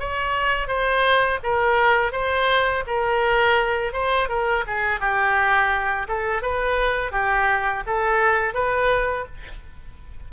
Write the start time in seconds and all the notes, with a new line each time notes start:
0.00 C#5
0.68 C5
1.44 A#4
2.13 C5
2.87 A#4
3.94 C5
4.29 A#4
4.68 G#4
5.01 G4
6.08 A4
6.43 B4
7.12 G4
7.87 A4
8.55 B4